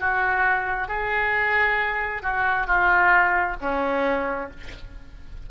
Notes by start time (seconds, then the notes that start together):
0.00 F#4
0.88 G#4
2.22 F#4
2.66 F4
3.61 C#4